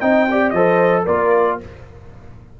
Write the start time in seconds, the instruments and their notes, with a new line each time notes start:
0.00 tuba C4, trombone D#4, horn D#5, trumpet G5
0.30 trombone G4, horn D5
0.50 tuba F3, trombone A4, horn C5, trumpet D#5
1.04 tuba A#3, trombone F4, horn A#4, trumpet D5